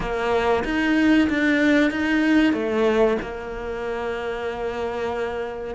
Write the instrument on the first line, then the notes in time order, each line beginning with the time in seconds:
cello
0.00 A#3
0.64 D#4
1.29 D4
1.90 D#4
2.53 A3
3.21 A#3